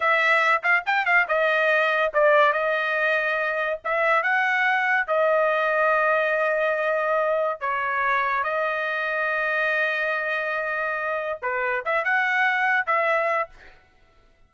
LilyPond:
\new Staff \with { instrumentName = "trumpet" } { \time 4/4 \tempo 4 = 142 e''4. f''8 g''8 f''8 dis''4~ | dis''4 d''4 dis''2~ | dis''4 e''4 fis''2 | dis''1~ |
dis''2 cis''2 | dis''1~ | dis''2. b'4 | e''8 fis''2 e''4. | }